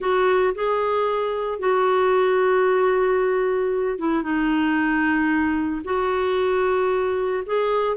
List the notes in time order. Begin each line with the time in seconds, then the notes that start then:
0.00 F#4
0.55 G#4
1.59 F#4
3.98 E4
4.22 D#4
5.84 F#4
7.46 G#4